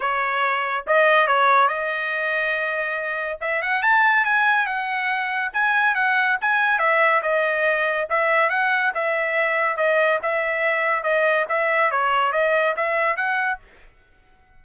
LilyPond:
\new Staff \with { instrumentName = "trumpet" } { \time 4/4 \tempo 4 = 141 cis''2 dis''4 cis''4 | dis''1 | e''8 fis''8 a''4 gis''4 fis''4~ | fis''4 gis''4 fis''4 gis''4 |
e''4 dis''2 e''4 | fis''4 e''2 dis''4 | e''2 dis''4 e''4 | cis''4 dis''4 e''4 fis''4 | }